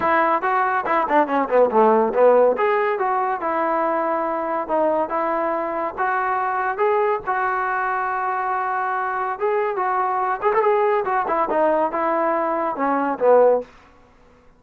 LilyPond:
\new Staff \with { instrumentName = "trombone" } { \time 4/4 \tempo 4 = 141 e'4 fis'4 e'8 d'8 cis'8 b8 | a4 b4 gis'4 fis'4 | e'2. dis'4 | e'2 fis'2 |
gis'4 fis'2.~ | fis'2 gis'4 fis'4~ | fis'8 gis'16 a'16 gis'4 fis'8 e'8 dis'4 | e'2 cis'4 b4 | }